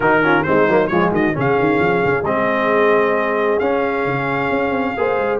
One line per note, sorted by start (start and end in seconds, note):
0.00 0.44 D#3
0.00 0.22 D#4
0.00 0.19 F#4
0.00 0.43 A#4
0.22 0.45 C#4
0.22 0.46 F4
0.43 0.68 G#3
0.43 0.67 C4
0.43 0.91 D#4
0.43 0.87 C5
0.68 0.91 F#3
0.68 0.90 A#3
0.87 1.11 F3
0.87 1.33 G#3
0.87 1.12 F4
0.87 1.09 C#5
1.11 1.34 D#3
1.11 1.34 F#4
1.11 1.36 D#5
1.33 1.59 C#3
1.33 2.23 C#4
1.33 4.97 G#4
1.39 2.24 F5
1.59 1.79 D#3
1.79 2.02 F3
2.04 2.22 C#3
2.22 3.57 G#3
2.22 3.61 C4
2.22 3.59 D#5
3.59 4.05 C#4
3.59 4.96 C#4
3.59 5.39 F5
4.05 4.50 C#3
4.50 4.70 C#4
4.70 4.93 C4
4.96 5.17 A#3
4.96 5.39 G#4
4.96 5.39 C5
5.17 5.39 G#3